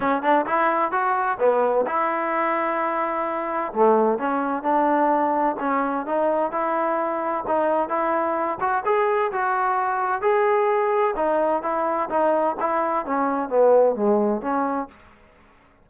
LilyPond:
\new Staff \with { instrumentName = "trombone" } { \time 4/4 \tempo 4 = 129 cis'8 d'8 e'4 fis'4 b4 | e'1 | a4 cis'4 d'2 | cis'4 dis'4 e'2 |
dis'4 e'4. fis'8 gis'4 | fis'2 gis'2 | dis'4 e'4 dis'4 e'4 | cis'4 b4 gis4 cis'4 | }